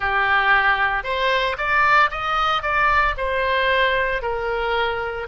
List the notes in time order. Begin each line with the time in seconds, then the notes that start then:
0.00 G4
1.03 C5
1.57 D5
2.11 D#5
2.62 D5
3.17 C5
4.22 A#4